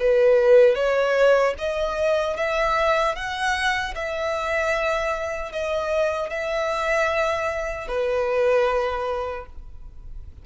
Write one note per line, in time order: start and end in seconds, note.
0.00 0.75 B4
0.75 1.54 C#5
1.58 2.37 D#5
2.37 3.15 E5
3.15 3.94 F#5
3.95 5.53 E5
5.53 6.30 D#5
6.30 7.88 E5
7.88 9.46 B4